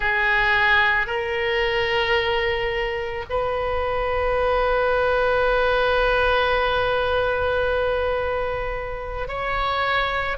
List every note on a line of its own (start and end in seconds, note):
0.00 1.06 G#4
1.06 3.24 A#4
3.29 9.28 B4
9.28 10.37 C#5